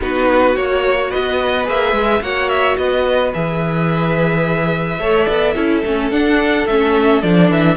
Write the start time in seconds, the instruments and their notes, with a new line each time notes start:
0.01 cello B3, viola D#4, violin F#4 B4
0.55 cello A#3, viola F#4, violin C#5
1.10 cello B3, violin B4 D#5
1.64 cello A#3, viola G#4, violin E5
1.92 cello G#3
2.21 cello A#3, viola F#4, violin C#5 F#5
2.49 violin E5
2.77 cello B3, violin B4 D#5
3.33 cello E3, viola G#4, violin E5
4.98 cello A3, viola A4, violin C#5
5.25 cello B3, violin D5
5.55 cello C#4, viola E4, violin A4
5.85 cello A3, viola C#4
6.10 cello D4, viola D4, violin F#5
6.66 cello A3, viola C#4, violin E5
7.21 cello F3, viola D4, violin D5
7.50 cello E3, violin E5